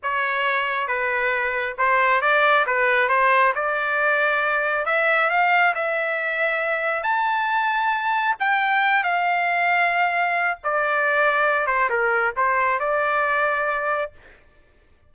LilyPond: \new Staff \with { instrumentName = "trumpet" } { \time 4/4 \tempo 4 = 136 cis''2 b'2 | c''4 d''4 b'4 c''4 | d''2. e''4 | f''4 e''2. |
a''2. g''4~ | g''8 f''2.~ f''8 | d''2~ d''8 c''8 ais'4 | c''4 d''2. | }